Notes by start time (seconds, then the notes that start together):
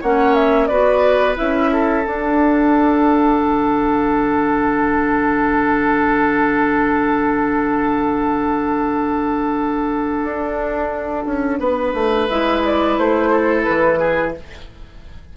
0.00 A#3 C#4 C#5 F#5
0.34 E5
0.67 B3 F#4 B4 D5
1.35 C#4 E4 E5
1.72 A4
2.05 D4 F#5
3.41 D3
10.23 D4
11.25 C#4
11.59 B3 B4
11.93 A3
12.28 G#3 E4 E5
12.64 D5
12.97 A3 C5
13.31 A4
13.63 E3 B4
13.98 G#4